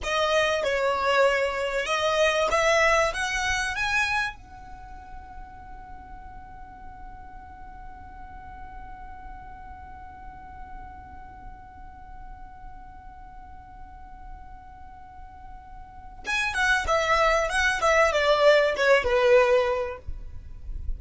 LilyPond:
\new Staff \with { instrumentName = "violin" } { \time 4/4 \tempo 4 = 96 dis''4 cis''2 dis''4 | e''4 fis''4 gis''4 fis''4~ | fis''1~ | fis''1~ |
fis''1~ | fis''1~ | fis''2 gis''8 fis''8 e''4 | fis''8 e''8 d''4 cis''8 b'4. | }